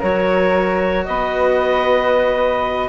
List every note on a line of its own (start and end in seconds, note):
0.00 1.08 F#3
0.00 2.89 F#4
0.00 1.05 A#4
0.00 1.05 C#5
1.05 2.89 B3
1.05 2.89 B4
1.05 2.89 D#5